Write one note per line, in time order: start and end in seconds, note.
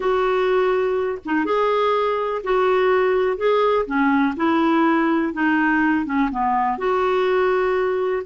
0.00 1.18 F#4
1.25 1.45 D#4
1.45 2.41 G#4
2.43 3.37 F#4
3.37 3.85 G#4
3.86 4.34 C#4
4.36 5.33 E4
5.33 6.05 D#4
6.05 6.29 C#4
6.31 6.77 B3
6.77 8.23 F#4